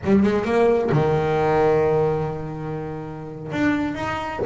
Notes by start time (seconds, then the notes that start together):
0.04 G3
0.23 G#3
0.44 A#3
0.91 D#3
3.51 D4
3.94 D#4